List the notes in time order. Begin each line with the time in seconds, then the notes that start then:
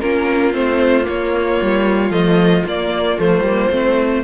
0.00 A#3 C#4 F4 A#4
0.53 A3 C4 C5
1.04 A#3 C#5
1.61 G3
2.11 F3 A3 D#5
2.65 A#3 D5
3.18 F3 A3 C5
3.40 G3 A#3
3.71 A3 C4